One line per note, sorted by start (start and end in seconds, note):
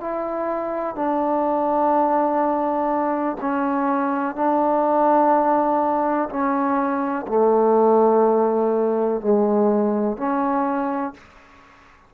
0.00 0.95 E4
0.95 3.37 D4
3.41 4.35 C#4
4.35 6.29 D4
6.29 7.26 C#4
7.28 9.21 A3
9.21 10.17 G#3
10.17 11.14 C#4